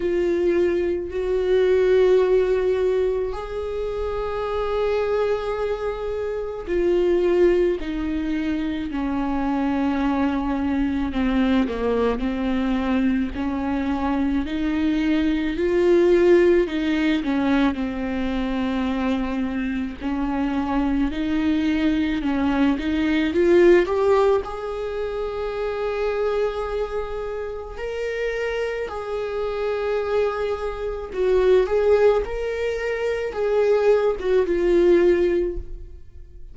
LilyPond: \new Staff \with { instrumentName = "viola" } { \time 4/4 \tempo 4 = 54 f'4 fis'2 gis'4~ | gis'2 f'4 dis'4 | cis'2 c'8 ais8 c'4 | cis'4 dis'4 f'4 dis'8 cis'8 |
c'2 cis'4 dis'4 | cis'8 dis'8 f'8 g'8 gis'2~ | gis'4 ais'4 gis'2 | fis'8 gis'8 ais'4 gis'8. fis'16 f'4 | }